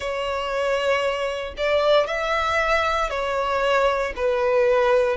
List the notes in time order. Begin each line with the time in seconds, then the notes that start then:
0.00 C#5
1.57 D5
2.06 E5
3.09 C#5
4.16 B4